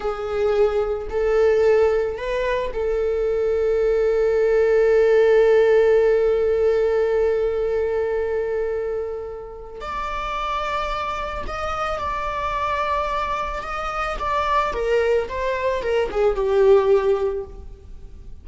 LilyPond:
\new Staff \with { instrumentName = "viola" } { \time 4/4 \tempo 4 = 110 gis'2 a'2 | b'4 a'2.~ | a'1~ | a'1~ |
a'2 d''2~ | d''4 dis''4 d''2~ | d''4 dis''4 d''4 ais'4 | c''4 ais'8 gis'8 g'2 | }